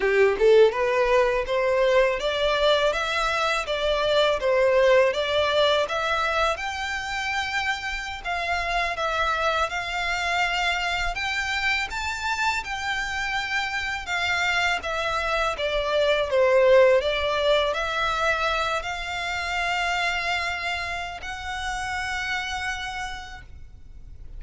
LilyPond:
\new Staff \with { instrumentName = "violin" } { \time 4/4 \tempo 4 = 82 g'8 a'8 b'4 c''4 d''4 | e''4 d''4 c''4 d''4 | e''4 g''2~ g''16 f''8.~ | f''16 e''4 f''2 g''8.~ |
g''16 a''4 g''2 f''8.~ | f''16 e''4 d''4 c''4 d''8.~ | d''16 e''4. f''2~ f''16~ | f''4 fis''2. | }